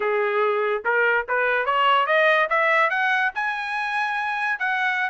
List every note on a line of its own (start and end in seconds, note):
0.00 0.83 G#4
0.84 1.26 A#4
1.28 1.65 B4
1.65 2.06 C#5
2.06 2.48 D#5
2.49 2.89 E5
2.89 3.31 F#5
3.34 4.59 G#5
4.59 5.09 F#5